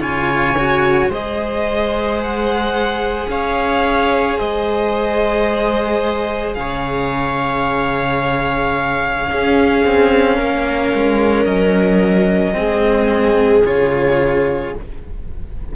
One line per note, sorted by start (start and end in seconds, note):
0.00 1.08 C#3
0.00 0.55 F4
0.00 1.09 C#5
0.00 1.11 G#5
0.57 1.11 F#4
1.08 3.26 G#3
1.08 9.27 G#4
1.08 3.27 C5
1.08 2.21 D#5
2.23 3.30 F#5
3.27 4.37 C#4
3.27 4.37 C#5
3.27 4.39 F5
4.37 6.56 G#3
4.37 6.55 C5
4.37 6.53 D#5
6.53 9.29 C#3
6.53 11.44 F5
6.59 9.30 C#5
9.27 12.54 C#4
9.27 9.84 C#4
9.27 10.35 G#4
9.84 10.38 C4
10.35 10.93 A#3
10.35 12.53 A#4
10.93 11.45 G#3
11.45 12.54 F#3
11.45 13.63 D#5
12.54 13.65 G#3
12.54 13.63 C4
12.54 14.75 G#4
13.65 14.74 C#3
13.65 14.74 F4
13.65 14.75 C#5